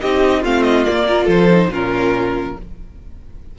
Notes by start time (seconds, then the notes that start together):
0.00 C4 D#4 G4 D#5
0.41 A3 C4 F4 F5
0.62 D#5
0.84 A#3 D5
1.06 F4 A#4
1.24 F3 A4 C5
1.50 D#4
1.67 A#2 C#4 F4 A#4